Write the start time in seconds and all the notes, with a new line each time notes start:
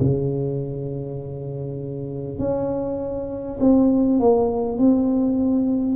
0.00 C#3
2.38 C#4
3.60 C4
4.19 A#3
4.78 C4